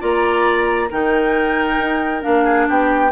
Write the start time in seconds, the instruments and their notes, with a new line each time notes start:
0.00 bassoon A#3, clarinet F4, oboe D5, flute A#5
0.90 bassoon D#3, clarinet D#4, oboe A#4, flute G5
1.79 bassoon D#4
2.22 bassoon A#3, clarinet D4, flute F5
2.45 oboe G#4
2.69 bassoon B3, oboe G4, flute G5